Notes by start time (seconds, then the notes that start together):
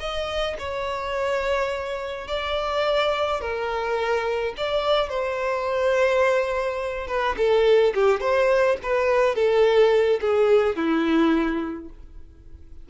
0.00 D#5
0.59 C#5
2.28 D5
3.41 A#4
4.57 D5
5.09 C5
7.07 B4
7.37 A4
7.95 G4
8.20 C5
8.83 B4
9.35 A4
10.21 G#4
10.76 E4